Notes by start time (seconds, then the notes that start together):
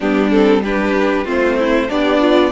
0.00 G3 B3 D4 G4
0.30 C4 A4
0.62 D4 G4 B4
1.24 A3 C4 F4 C5
1.58 E4
1.88 B3 D4 G4 D5
2.20 F4